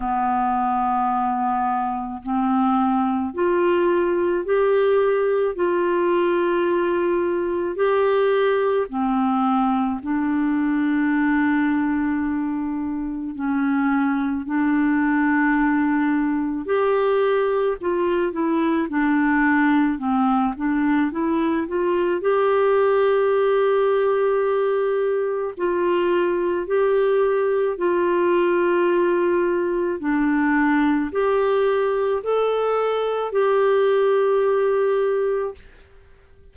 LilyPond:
\new Staff \with { instrumentName = "clarinet" } { \time 4/4 \tempo 4 = 54 b2 c'4 f'4 | g'4 f'2 g'4 | c'4 d'2. | cis'4 d'2 g'4 |
f'8 e'8 d'4 c'8 d'8 e'8 f'8 | g'2. f'4 | g'4 f'2 d'4 | g'4 a'4 g'2 | }